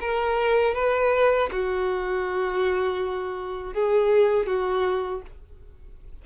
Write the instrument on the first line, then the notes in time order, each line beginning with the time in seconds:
violin
0.00 A#4
0.74 B4
1.51 F#4
3.73 G#4
4.46 F#4